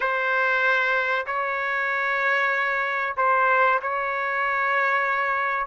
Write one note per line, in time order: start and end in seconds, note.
0.00 1.25 C5
1.26 3.16 C#5
3.16 3.80 C5
3.82 5.66 C#5